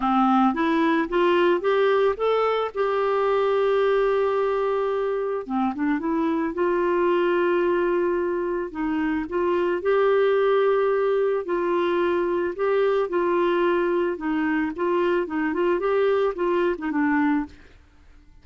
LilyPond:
\new Staff \with { instrumentName = "clarinet" } { \time 4/4 \tempo 4 = 110 c'4 e'4 f'4 g'4 | a'4 g'2.~ | g'2 c'8 d'8 e'4 | f'1 |
dis'4 f'4 g'2~ | g'4 f'2 g'4 | f'2 dis'4 f'4 | dis'8 f'8 g'4 f'8. dis'16 d'4 | }